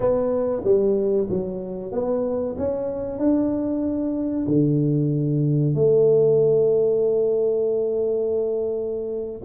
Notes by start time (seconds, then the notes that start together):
0.00 B3
0.64 G3
1.29 F#3
1.91 B3
2.57 C#4
3.18 D4
4.47 D3
5.74 A3